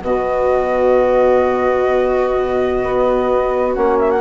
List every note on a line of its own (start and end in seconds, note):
0.00 2.83 B2
0.00 3.74 B3
0.00 4.21 F#4
0.00 3.74 D#5
2.83 3.76 B3
3.74 4.21 A#3
3.74 4.21 C#4
3.74 3.98 F#5
3.99 4.10 E5
4.10 4.21 F#5